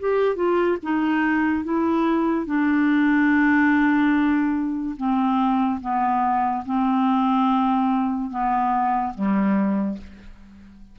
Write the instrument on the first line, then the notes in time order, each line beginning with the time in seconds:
clarinet
0.00 G4
0.36 F4
0.83 D#4
1.64 E4
2.47 D4
4.97 C4
5.81 B3
6.66 C4
8.31 B3
9.14 G3